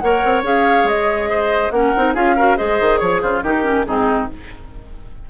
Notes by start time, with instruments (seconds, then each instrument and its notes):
0.00 bassoon A#3, clarinet A#4, oboe C#5, flute F#5
0.25 bassoon C4
0.43 bassoon C#4, clarinet G#4, flute F5
0.84 bassoon G#3, flute D#5
1.30 oboe C5
1.71 bassoon A#3, clarinet C#4, oboe A#4, flute F#5
1.97 bassoon C4, clarinet D#4
2.14 bassoon C#4, clarinet F4, oboe G#4, flute F5
2.37 clarinet F#4, oboe A#4
2.57 bassoon G#3, clarinet G#4, oboe C5, flute D#5
2.80 bassoon D#3
2.99 bassoon F3, flute C#5, oboe C#5
3.21 bassoon C#3, oboe F4, flute C5
3.43 bassoon D#3, clarinet D#4, oboe G4, flute A#4
3.64 clarinet C#4
3.86 bassoon G#2, clarinet C4, oboe D#4, flute G#4